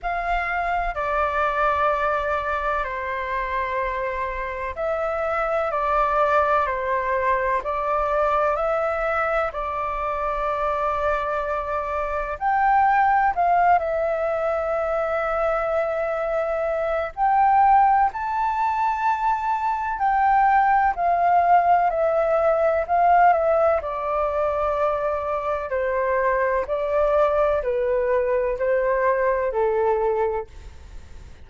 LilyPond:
\new Staff \with { instrumentName = "flute" } { \time 4/4 \tempo 4 = 63 f''4 d''2 c''4~ | c''4 e''4 d''4 c''4 | d''4 e''4 d''2~ | d''4 g''4 f''8 e''4.~ |
e''2 g''4 a''4~ | a''4 g''4 f''4 e''4 | f''8 e''8 d''2 c''4 | d''4 b'4 c''4 a'4 | }